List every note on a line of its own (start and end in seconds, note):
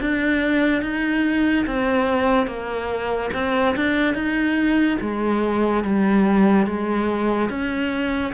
0.00 0.82 D4
0.82 1.66 D#4
1.66 2.47 C4
2.47 3.30 A#3
3.34 3.75 C4
3.76 4.14 D4
4.14 4.98 D#4
5.01 5.84 G#3
5.84 6.66 G3
6.66 7.50 G#3
7.50 8.33 C#4